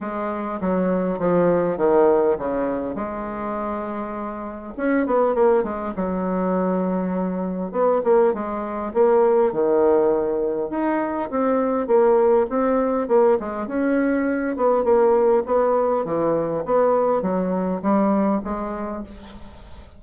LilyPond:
\new Staff \with { instrumentName = "bassoon" } { \time 4/4 \tempo 4 = 101 gis4 fis4 f4 dis4 | cis4 gis2. | cis'8 b8 ais8 gis8 fis2~ | fis4 b8 ais8 gis4 ais4 |
dis2 dis'4 c'4 | ais4 c'4 ais8 gis8 cis'4~ | cis'8 b8 ais4 b4 e4 | b4 fis4 g4 gis4 | }